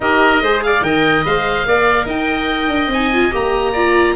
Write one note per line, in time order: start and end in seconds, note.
0.00 0.41 D#4
0.00 0.43 G4
0.00 0.42 A#4
0.00 0.62 D#5
0.41 0.81 G#3
0.41 0.83 G#4
0.41 0.63 C5
0.62 0.85 D5
0.62 0.83 F5
0.81 1.23 D#3
0.81 1.24 A#4
0.81 1.67 D#5
0.81 1.24 G5
1.25 1.65 G#3
1.25 1.66 C5
1.25 2.09 F5
1.65 2.06 A#3
1.65 2.92 A#4
1.65 2.06 D5
2.06 2.68 D#4
2.06 3.72 D#5
2.06 2.92 G5
2.68 2.87 D4
2.87 3.29 C4
2.87 3.13 D#4
2.87 3.34 G#5
3.13 3.31 F4
3.31 4.16 A#3
3.31 3.73 G4
3.31 4.16 A#5
3.72 4.16 F4
3.72 4.14 D5